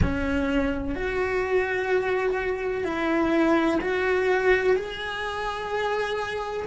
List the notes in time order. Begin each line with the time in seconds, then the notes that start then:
0.02 C#4
0.95 F#4
2.84 E4
3.81 F#4
4.76 G#4